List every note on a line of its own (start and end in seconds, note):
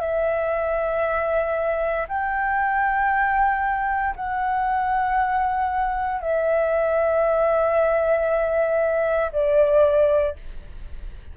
0.00 2.07 E5
2.08 4.15 G5
4.16 6.21 F#5
6.21 9.31 E5
9.32 10.35 D5